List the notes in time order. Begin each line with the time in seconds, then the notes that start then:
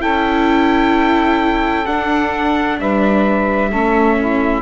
0.00 C#4 E4 A4 G5
1.86 D4 F#5
2.80 G3 B4 E5
3.70 A3 C#4 A4
4.18 E4